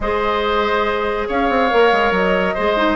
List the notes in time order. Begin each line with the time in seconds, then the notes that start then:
0.00 G#3 G#4 C5 D#5
1.28 C#4 C#5 F5
1.49 C4
1.70 A#3 A#4
1.91 G#3
2.11 F#3 D#5
2.54 G#3 G#4 C5
2.77 D#4